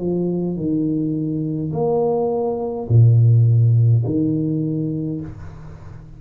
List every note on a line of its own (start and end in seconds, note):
0.00 0.57 F3
0.57 1.73 D#3
1.73 2.88 A#3
2.89 4.04 A#2
4.06 5.21 D#3